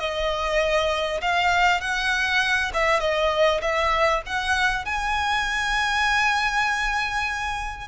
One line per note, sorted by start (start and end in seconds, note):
0.00 1.21 D#5
1.21 1.81 F5
1.81 2.72 F#5
2.74 3.01 E5
3.01 3.61 D#5
3.62 4.22 E5
4.26 4.85 F#5
4.85 7.88 G#5